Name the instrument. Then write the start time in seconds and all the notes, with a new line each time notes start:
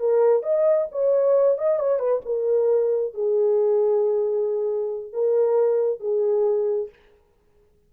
horn
0.00 A#4
0.43 D#5
0.92 C#5
1.58 D#5
1.80 C#5
2.00 B4
2.26 A#4
3.14 G#4
5.13 A#4
6.01 G#4